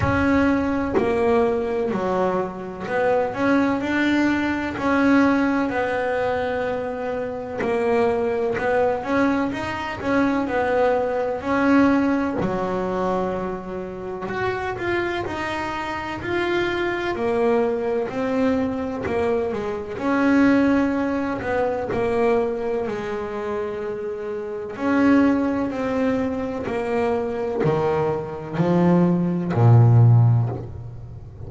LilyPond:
\new Staff \with { instrumentName = "double bass" } { \time 4/4 \tempo 4 = 63 cis'4 ais4 fis4 b8 cis'8 | d'4 cis'4 b2 | ais4 b8 cis'8 dis'8 cis'8 b4 | cis'4 fis2 fis'8 f'8 |
dis'4 f'4 ais4 c'4 | ais8 gis8 cis'4. b8 ais4 | gis2 cis'4 c'4 | ais4 dis4 f4 ais,4 | }